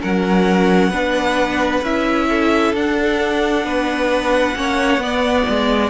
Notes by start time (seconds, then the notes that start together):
0.00 F#3 C#4 A#4 F#5
0.90 B3 D4 B4
1.82 C#4 E4 E5
2.29 A4
2.73 D4 F#5
3.64 B3 B4
4.56 A#3 C#4 C#5
4.98 B3 D5
5.49 G#3